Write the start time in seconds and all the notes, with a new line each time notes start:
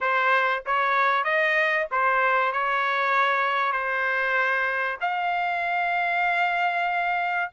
0.01 C5
0.66 C#5
1.24 D#5
1.91 C5
2.52 C#5
3.72 C5
5.01 F5